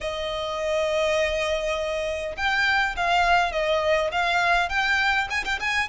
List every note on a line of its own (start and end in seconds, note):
0.00 2.36 D#5
2.36 2.95 G5
2.96 3.51 F5
3.51 4.10 D#5
4.11 4.69 F5
4.69 5.28 G5
5.29 5.44 G#5
5.44 5.59 G5
5.59 5.88 G#5